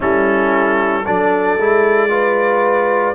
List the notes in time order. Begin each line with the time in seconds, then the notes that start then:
0.00 G3 C#4 E4 A4
1.05 F#3 D4 A4 D5
1.57 G#3 E4
2.09 F4 B4